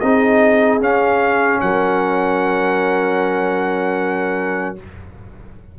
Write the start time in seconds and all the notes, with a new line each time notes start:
0.00 C4 D#4 G#4 D#5
0.80 C#4 F5
1.60 F#3 A#4 F#5